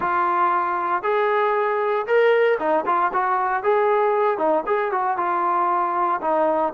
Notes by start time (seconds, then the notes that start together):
0.00 F4
1.03 G#4
2.06 A#4
2.59 D#4
2.85 F4
3.13 F#4
3.63 G#4
4.38 D#4
4.66 G#4
4.91 F#4
5.17 F4
6.21 D#4